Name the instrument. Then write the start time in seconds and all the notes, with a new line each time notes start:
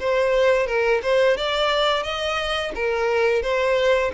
violin
0.00 C5
0.67 A#4
1.03 C5
1.37 D5
2.03 D#5
2.75 A#4
3.42 C5